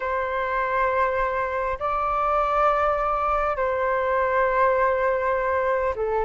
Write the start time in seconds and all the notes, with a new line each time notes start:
0.00 C5
1.79 D5
3.56 C5
5.95 A4